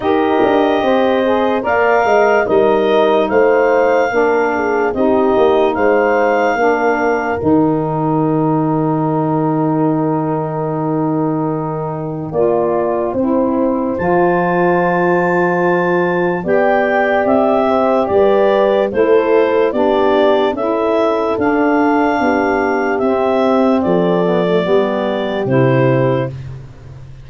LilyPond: <<
  \new Staff \with { instrumentName = "clarinet" } { \time 4/4 \tempo 4 = 73 dis''2 f''4 dis''4 | f''2 dis''4 f''4~ | f''4 g''2.~ | g''1~ |
g''4 a''2. | g''4 e''4 d''4 c''4 | d''4 e''4 f''2 | e''4 d''2 c''4 | }
  \new Staff \with { instrumentName = "horn" } { \time 4/4 ais'4 c''4 d''8 dis''8 ais'4 | c''4 ais'8 gis'8 g'4 c''4 | ais'1~ | ais'2. d''4 |
c''1 | d''4. c''8 b'4 a'4 | g'4 a'2 g'4~ | g'4 a'4 g'2 | }
  \new Staff \with { instrumentName = "saxophone" } { \time 4/4 g'4. gis'8 ais'4 dis'4~ | dis'4 d'4 dis'2 | d'4 dis'2.~ | dis'2. f'4 |
e'4 f'2. | g'2. e'4 | d'4 e'4 d'2 | c'4. b16 a16 b4 e'4 | }
  \new Staff \with { instrumentName = "tuba" } { \time 4/4 dis'8 d'8 c'4 ais8 gis8 g4 | a4 ais4 c'8 ais8 gis4 | ais4 dis2.~ | dis2. ais4 |
c'4 f2. | b4 c'4 g4 a4 | b4 cis'4 d'4 b4 | c'4 f4 g4 c4 | }
>>